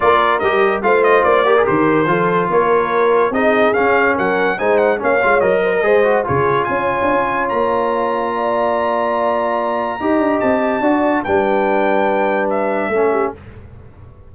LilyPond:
<<
  \new Staff \with { instrumentName = "trumpet" } { \time 4/4 \tempo 4 = 144 d''4 dis''4 f''8 dis''8 d''4 | c''2 cis''2 | dis''4 f''4 fis''4 gis''8 fis''8 | f''4 dis''2 cis''4 |
gis''2 ais''2~ | ais''1~ | ais''4 a''2 g''4~ | g''2 e''2 | }
  \new Staff \with { instrumentName = "horn" } { \time 4/4 ais'2 c''4. ais'8~ | ais'4 a'4 ais'2 | gis'2 ais'4 c''4 | cis''4. c''16 ais'16 c''4 gis'4 |
cis''1 | d''1 | dis''2 d''4 b'4~ | b'2. a'8 g'8 | }
  \new Staff \with { instrumentName = "trombone" } { \time 4/4 f'4 g'4 f'4. g'16 gis'16 | g'4 f'2. | dis'4 cis'2 dis'4 | cis'8 f'8 ais'4 gis'8 fis'8 f'4~ |
f'1~ | f'1 | g'2 fis'4 d'4~ | d'2. cis'4 | }
  \new Staff \with { instrumentName = "tuba" } { \time 4/4 ais4 g4 a4 ais4 | dis4 f4 ais2 | c'4 cis'4 fis4 gis4 | ais8 gis8 fis4 gis4 cis4 |
cis'8. d'16 cis'4 ais2~ | ais1 | dis'8 d'8 c'4 d'4 g4~ | g2. a4 | }
>>